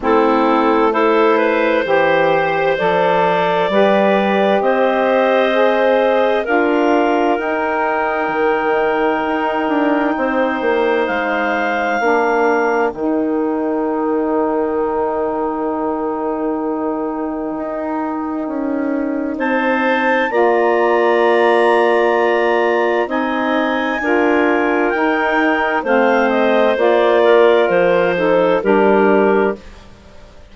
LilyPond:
<<
  \new Staff \with { instrumentName = "clarinet" } { \time 4/4 \tempo 4 = 65 a'4 c''2 d''4~ | d''4 dis''2 f''4 | g''1 | f''2 g''2~ |
g''1~ | g''4 a''4 ais''2~ | ais''4 gis''2 g''4 | f''8 dis''8 d''4 c''4 ais'4 | }
  \new Staff \with { instrumentName = "clarinet" } { \time 4/4 e'4 a'8 b'8 c''2 | b'4 c''2 ais'4~ | ais'2. c''4~ | c''4 ais'2.~ |
ais'1~ | ais'4 c''4 d''2~ | d''4 dis''4 ais'2 | c''4. ais'4 a'8 g'4 | }
  \new Staff \with { instrumentName = "saxophone" } { \time 4/4 c'4 e'4 g'4 a'4 | g'2 gis'4 f'4 | dis'1~ | dis'4 d'4 dis'2~ |
dis'1~ | dis'2 f'2~ | f'4 dis'4 f'4 dis'4 | c'4 f'4. dis'8 d'4 | }
  \new Staff \with { instrumentName = "bassoon" } { \time 4/4 a2 e4 f4 | g4 c'2 d'4 | dis'4 dis4 dis'8 d'8 c'8 ais8 | gis4 ais4 dis2~ |
dis2. dis'4 | cis'4 c'4 ais2~ | ais4 c'4 d'4 dis'4 | a4 ais4 f4 g4 | }
>>